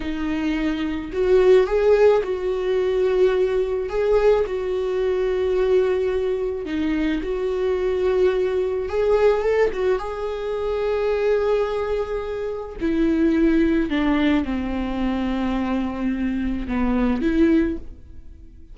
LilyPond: \new Staff \with { instrumentName = "viola" } { \time 4/4 \tempo 4 = 108 dis'2 fis'4 gis'4 | fis'2. gis'4 | fis'1 | dis'4 fis'2. |
gis'4 a'8 fis'8 gis'2~ | gis'2. e'4~ | e'4 d'4 c'2~ | c'2 b4 e'4 | }